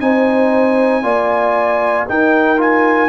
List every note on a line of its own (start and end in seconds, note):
0.00 1.03 C4
0.00 1.02 D#4
0.00 1.03 C5
0.00 2.07 G#5
1.02 2.06 A#3
1.02 2.06 F4
1.02 2.07 D5
2.08 3.08 D#4
2.08 2.57 D#4
2.08 3.08 A#4
2.08 2.60 G5
2.57 3.08 F4
2.57 3.08 G#5